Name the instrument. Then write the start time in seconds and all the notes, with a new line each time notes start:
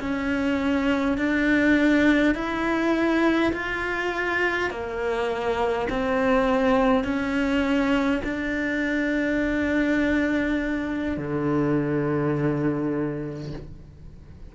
cello
0.00 C#4
1.18 D4
2.35 E4
3.52 F4
4.71 A#3
5.89 C4
7.04 C#4
8.24 D4
11.17 D3